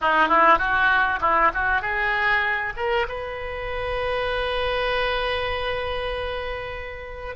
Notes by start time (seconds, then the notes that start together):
0.01 D#4
0.28 E4
0.58 F#4
1.21 E4
1.53 F#4
1.81 G#4
2.76 A#4
3.08 B4